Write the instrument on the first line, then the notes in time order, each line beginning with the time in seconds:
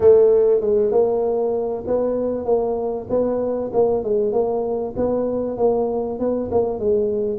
tuba
0.00 A3
0.60 G#3
0.91 A#3
1.86 B3
2.45 A#3
3.09 B3
3.73 A#3
4.03 G#3
4.32 A#3
4.96 B3
5.57 A#3
6.19 B3
6.51 A#3
6.79 G#3